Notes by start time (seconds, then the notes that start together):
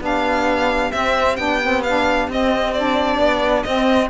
0.00 B3 D4 G4 F5
0.91 C4 E5
1.36 B3 D4 G5
1.62 C4
1.83 D4 F5
2.27 C4 D#5
2.73 D4 D5
3.19 B3
3.63 C4 D#5